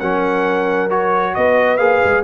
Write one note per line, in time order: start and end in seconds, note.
0.00 1.37 F#3
0.00 0.90 C#4
0.00 1.35 A#4
0.00 0.90 F#5
0.90 1.79 F#4
0.90 1.35 C#5
1.35 1.79 B3
1.35 2.24 B4
1.35 1.78 D#5
1.78 2.02 A#3
1.78 2.24 G#4
1.78 2.23 F5
2.05 2.24 G#3